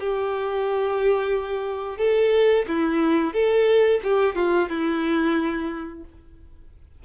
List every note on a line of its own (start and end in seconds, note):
0.00 1.98 G4
1.98 2.66 A4
2.68 3.33 E4
3.33 4.01 A4
4.04 4.35 G4
4.35 4.69 F4
4.69 6.04 E4